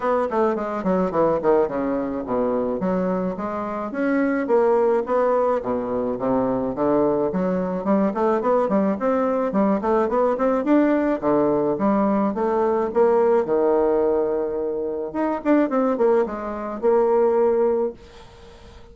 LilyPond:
\new Staff \with { instrumentName = "bassoon" } { \time 4/4 \tempo 4 = 107 b8 a8 gis8 fis8 e8 dis8 cis4 | b,4 fis4 gis4 cis'4 | ais4 b4 b,4 c4 | d4 fis4 g8 a8 b8 g8 |
c'4 g8 a8 b8 c'8 d'4 | d4 g4 a4 ais4 | dis2. dis'8 d'8 | c'8 ais8 gis4 ais2 | }